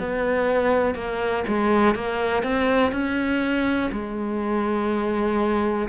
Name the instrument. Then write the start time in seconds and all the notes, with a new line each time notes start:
cello
0.00 B3
0.95 A#3
1.48 G#3
1.95 A#3
2.43 C4
2.92 C#4
3.92 G#3